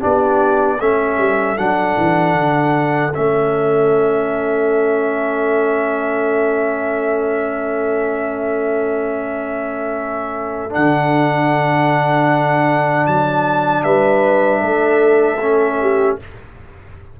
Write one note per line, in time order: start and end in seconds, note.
0.00 0.79 B3
0.00 0.78 D4
0.00 0.78 G4
0.00 0.81 D5
0.79 1.18 A3
0.79 1.57 C#4
0.79 13.84 A4
0.79 1.58 E5
1.18 1.57 G3
1.57 1.96 F#3
1.57 3.12 D4
1.57 3.14 F#5
1.97 2.34 E3
2.34 3.12 D3
3.14 10.76 A3
3.14 10.70 C#4
3.14 10.74 E5
10.70 15.37 D4
10.70 13.06 F#5
10.76 13.07 D3
13.06 13.84 F#3
13.06 13.83 A5
13.83 14.62 G3
13.83 14.61 B4
13.83 16.17 E5
14.61 16.18 A3
14.61 15.78 A4
15.41 16.19 C#4
15.81 16.20 G4